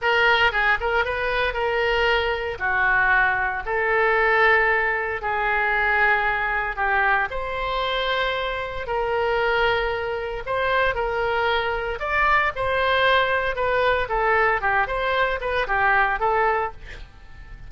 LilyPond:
\new Staff \with { instrumentName = "oboe" } { \time 4/4 \tempo 4 = 115 ais'4 gis'8 ais'8 b'4 ais'4~ | ais'4 fis'2 a'4~ | a'2 gis'2~ | gis'4 g'4 c''2~ |
c''4 ais'2. | c''4 ais'2 d''4 | c''2 b'4 a'4 | g'8 c''4 b'8 g'4 a'4 | }